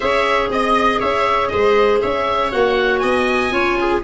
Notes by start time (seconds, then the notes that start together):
0.00 C#4 G#4 C#5 E5
0.50 C4 D#5
0.99 C#4 C#5 E5
1.47 G#3 C5 D#5
2.01 C#4 C#5 E5
2.51 A#3 F#4 F#5
2.99 B3 D#5 G#5
3.51 C#4 F4 C#5
3.79 G#4